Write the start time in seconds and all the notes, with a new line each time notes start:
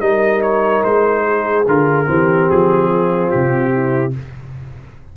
0.00 G3 D#4 A#4 D#5
0.42 C#5
0.83 G#3 C5
1.26 G#4
1.67 D3 F4 A#4
2.05 E3 C4 G4
2.50 F3 G#4
2.89 F4
3.30 C3 G4
3.73 E4